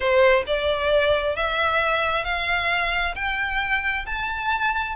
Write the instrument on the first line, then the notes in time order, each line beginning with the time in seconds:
violin
0.00 C5
0.46 D5
1.35 E5
2.24 F5
3.15 G5
4.06 A5